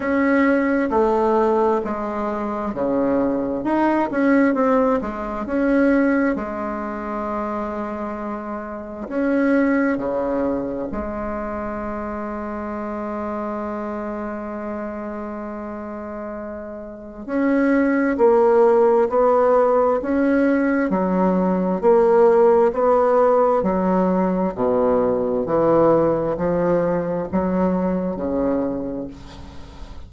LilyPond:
\new Staff \with { instrumentName = "bassoon" } { \time 4/4 \tempo 4 = 66 cis'4 a4 gis4 cis4 | dis'8 cis'8 c'8 gis8 cis'4 gis4~ | gis2 cis'4 cis4 | gis1~ |
gis2. cis'4 | ais4 b4 cis'4 fis4 | ais4 b4 fis4 b,4 | e4 f4 fis4 cis4 | }